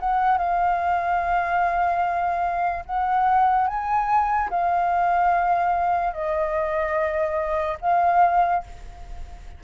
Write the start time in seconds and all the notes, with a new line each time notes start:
0.00 F#5
0.38 F5
2.86 F#5
3.68 G#5
4.51 F5
6.13 D#5
7.82 F5